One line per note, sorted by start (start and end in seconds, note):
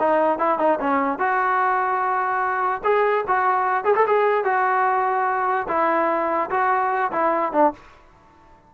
0.00 0.39 D#4
0.39 0.59 E4
0.59 0.79 D#4
0.80 1.19 C#4
1.19 2.82 F#4
2.84 3.25 G#4
3.28 3.85 F#4
3.85 3.95 G#4
3.96 4.06 A4
4.08 4.45 G#4
4.45 5.67 F#4
5.69 6.50 E4
6.50 7.12 F#4
7.12 7.53 E4
7.53 7.73 D4